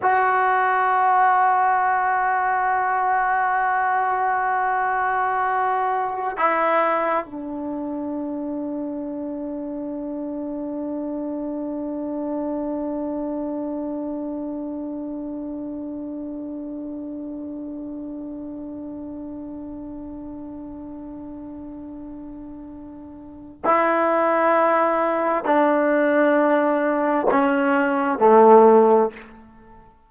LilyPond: \new Staff \with { instrumentName = "trombone" } { \time 4/4 \tempo 4 = 66 fis'1~ | fis'2. e'4 | d'1~ | d'1~ |
d'1~ | d'1~ | d'2 e'2 | d'2 cis'4 a4 | }